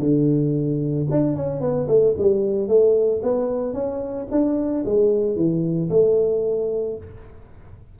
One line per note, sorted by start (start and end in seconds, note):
0.00 1.07 D3
1.11 1.36 D4
1.36 1.61 C#4
1.61 1.88 B3
1.88 2.15 A3
2.18 2.68 G3
2.68 3.22 A3
3.23 3.74 B3
3.74 4.27 C#4
4.31 4.85 D4
4.86 5.36 G#3
5.36 5.90 E3
5.91 6.98 A3